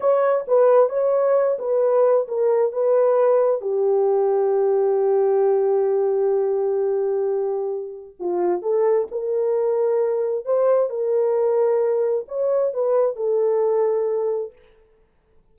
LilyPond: \new Staff \with { instrumentName = "horn" } { \time 4/4 \tempo 4 = 132 cis''4 b'4 cis''4. b'8~ | b'4 ais'4 b'2 | g'1~ | g'1~ |
g'2 f'4 a'4 | ais'2. c''4 | ais'2. cis''4 | b'4 a'2. | }